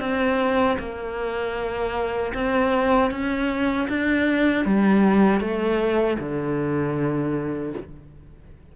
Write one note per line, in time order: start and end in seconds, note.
0.00 0.77 C4
0.79 2.33 A#3
2.34 3.10 C4
3.10 3.87 C#4
3.88 4.65 D4
4.65 5.40 G3
5.40 6.17 A3
6.19 7.73 D3